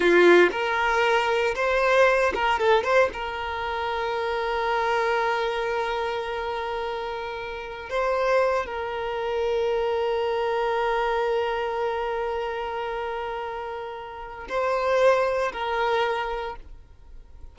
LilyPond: \new Staff \with { instrumentName = "violin" } { \time 4/4 \tempo 4 = 116 f'4 ais'2 c''4~ | c''8 ais'8 a'8 c''8 ais'2~ | ais'1~ | ais'2.~ ais'16 c''8.~ |
c''8. ais'2.~ ais'16~ | ais'1~ | ais'1 | c''2 ais'2 | }